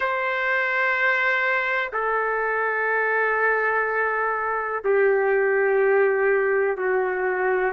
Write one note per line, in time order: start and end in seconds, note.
0.00 1.91 C5
1.93 4.83 A4
4.84 6.77 G4
6.77 7.72 F#4